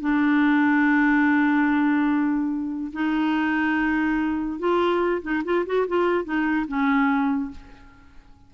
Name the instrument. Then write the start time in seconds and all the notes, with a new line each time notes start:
clarinet
0.00 D4
2.93 D#4
4.59 F4
5.22 D#4
5.45 F4
5.66 F#4
5.88 F4
6.25 D#4
6.68 C#4